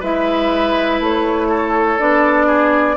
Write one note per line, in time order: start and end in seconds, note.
0.00 1.00 G#3
0.00 1.99 E4
0.00 1.48 B4
0.00 1.02 E5
1.00 1.98 A3
1.00 1.99 C#5
1.49 2.47 A4
1.99 2.97 B3
1.99 2.97 D4
1.99 2.97 D5
2.47 2.96 G#4